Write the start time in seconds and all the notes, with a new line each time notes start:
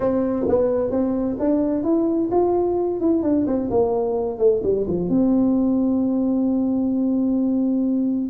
0.00 C4
0.48 B3
0.90 C4
1.39 D4
1.83 E4
2.31 F4
3.00 E4
3.22 D4
3.46 C4
3.70 A#3
4.38 A3
4.63 G3
4.87 F3
5.09 C4